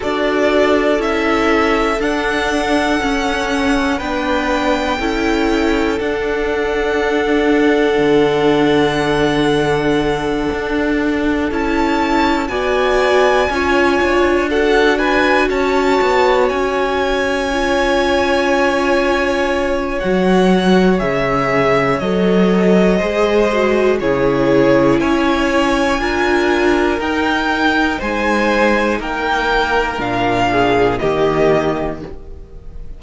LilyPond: <<
  \new Staff \with { instrumentName = "violin" } { \time 4/4 \tempo 4 = 60 d''4 e''4 fis''2 | g''2 fis''2~ | fis''2.~ fis''8 a''8~ | a''8 gis''2 fis''8 gis''8 a''8~ |
a''8 gis''2.~ gis''8 | fis''4 e''4 dis''2 | cis''4 gis''2 g''4 | gis''4 g''4 f''4 dis''4 | }
  \new Staff \with { instrumentName = "violin" } { \time 4/4 a'1 | b'4 a'2.~ | a'1~ | a'8 d''4 cis''4 a'8 b'8 cis''8~ |
cis''1~ | cis''2. c''4 | gis'4 cis''4 ais'2 | c''4 ais'4. gis'8 g'4 | }
  \new Staff \with { instrumentName = "viola" } { \time 4/4 fis'4 e'4 d'4 cis'4 | d'4 e'4 d'2~ | d'2.~ d'8 e'8~ | e'8 fis'4 f'4 fis'4.~ |
fis'4. f'2~ f'8 | fis'4 gis'4 a'4 gis'8 fis'8 | e'2 f'4 dis'4~ | dis'2 d'4 ais4 | }
  \new Staff \with { instrumentName = "cello" } { \time 4/4 d'4 cis'4 d'4 cis'4 | b4 cis'4 d'2 | d2~ d8 d'4 cis'8~ | cis'8 b4 cis'8 d'4. cis'8 |
b8 cis'2.~ cis'8 | fis4 cis4 fis4 gis4 | cis4 cis'4 d'4 dis'4 | gis4 ais4 ais,4 dis4 | }
>>